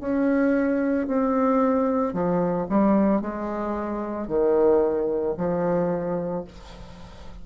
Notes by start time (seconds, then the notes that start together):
0.00 C#4
1.07 C4
2.13 F3
2.69 G3
3.21 G#3
4.28 D#3
5.37 F3